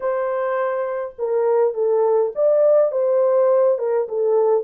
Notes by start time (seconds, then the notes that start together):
0.00 C5
1.18 A#4
1.73 A4
2.35 D5
2.91 C5
3.78 A#4
4.08 A4